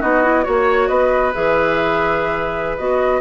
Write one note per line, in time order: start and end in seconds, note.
0.00 0.47 B3
0.00 0.23 D#4
0.00 0.44 F#4
0.00 0.44 D#5
0.23 0.43 E4
0.43 0.90 A#3
0.43 1.32 F#4
0.43 0.88 C#5
0.43 0.89 C#5
0.88 1.34 B3
0.88 3.21 B4
0.88 1.32 D#5
1.34 2.79 E3
1.34 2.78 G#4
1.34 2.77 E5
2.77 3.21 B3
2.77 3.21 F#4
2.77 3.21 D#5